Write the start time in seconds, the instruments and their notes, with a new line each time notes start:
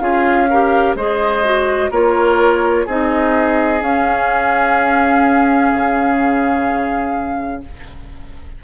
0.00 bassoon C#4, clarinet F4, oboe G#4, flute F5
0.50 clarinet G4, oboe A#4
0.95 bassoon G#3, clarinet G#4, oboe C5, flute D#5
1.44 clarinet F#4
1.91 bassoon A#3, clarinet F4, oboe A#4, flute C#5
2.86 bassoon C4, clarinet D#4, oboe G#4, flute D#5
3.81 clarinet C#4, bassoon C#4, flute F5
5.73 bassoon C#3